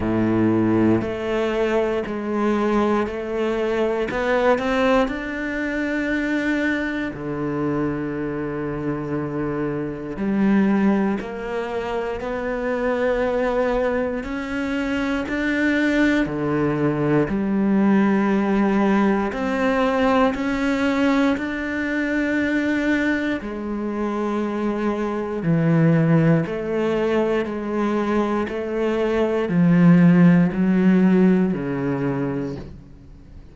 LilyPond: \new Staff \with { instrumentName = "cello" } { \time 4/4 \tempo 4 = 59 a,4 a4 gis4 a4 | b8 c'8 d'2 d4~ | d2 g4 ais4 | b2 cis'4 d'4 |
d4 g2 c'4 | cis'4 d'2 gis4~ | gis4 e4 a4 gis4 | a4 f4 fis4 cis4 | }